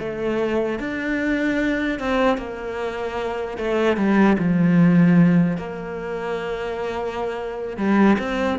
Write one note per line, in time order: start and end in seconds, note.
0.00 0.80 A3
0.80 2.00 D4
2.00 2.38 C4
2.38 3.58 A#3
3.58 3.97 A3
3.97 4.37 G3
4.39 5.57 F3
5.57 7.77 A#3
7.77 8.17 G3
8.19 8.59 C4